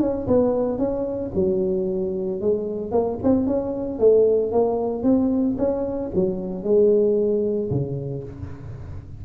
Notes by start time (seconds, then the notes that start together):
0.00 C#4
0.27 B3
0.78 C#4
1.34 F#3
2.41 G#3
2.91 A#3
3.23 C4
3.46 C#4
3.99 A3
4.52 A#3
5.03 C4
5.58 C#4
6.15 F#3
6.63 G#3
7.70 C#3